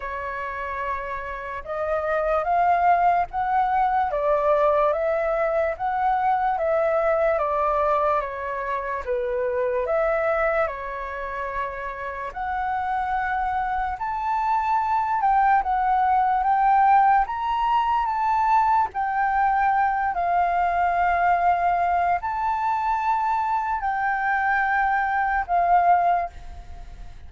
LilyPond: \new Staff \with { instrumentName = "flute" } { \time 4/4 \tempo 4 = 73 cis''2 dis''4 f''4 | fis''4 d''4 e''4 fis''4 | e''4 d''4 cis''4 b'4 | e''4 cis''2 fis''4~ |
fis''4 a''4. g''8 fis''4 | g''4 ais''4 a''4 g''4~ | g''8 f''2~ f''8 a''4~ | a''4 g''2 f''4 | }